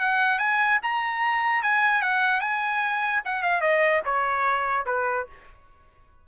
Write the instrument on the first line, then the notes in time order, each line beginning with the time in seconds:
trumpet
0.00 F#5
0.39 G#5
0.83 A#5
1.63 G#5
2.02 F#5
2.41 G#5
3.25 F#5
3.43 F5
3.61 D#5
4.05 C#5
4.86 B4